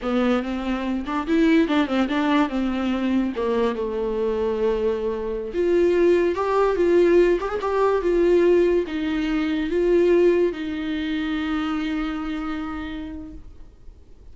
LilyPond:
\new Staff \with { instrumentName = "viola" } { \time 4/4 \tempo 4 = 144 b4 c'4. d'8 e'4 | d'8 c'8 d'4 c'2 | ais4 a2.~ | a4~ a16 f'2 g'8.~ |
g'16 f'4. g'16 gis'16 g'4 f'8.~ | f'4~ f'16 dis'2 f'8.~ | f'4~ f'16 dis'2~ dis'8.~ | dis'1 | }